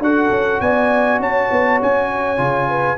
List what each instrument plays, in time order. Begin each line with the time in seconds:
0.00 tuba D4, trombone F#4, horn A4, trumpet F#5
0.30 tuba C#4
0.61 tuba B3, horn D5, trumpet G#5
1.19 tuba C#4, horn C#5, trumpet A5
1.51 tuba B3
1.82 tuba C#4, trumpet G#5
2.37 tuba C#3, trombone F4
2.69 horn B4